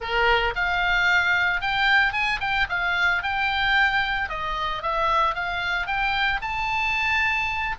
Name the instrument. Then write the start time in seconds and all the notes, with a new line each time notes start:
oboe
0.00 A#4
0.55 F5
1.61 G5
2.12 G#5
2.40 G5
2.69 F5
3.22 G5
4.29 D#5
4.82 E5
5.34 F5
5.86 G5
6.41 A5